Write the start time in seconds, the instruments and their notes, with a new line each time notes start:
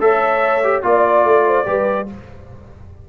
0.00 tuba A3, trombone A4, horn C#5, trumpet E5
0.64 trombone G4
0.83 tuba A#3, trombone F4, horn D5, trumpet D5
1.24 tuba A3
1.46 horn C5
1.66 tuba G3, trombone G4, horn B4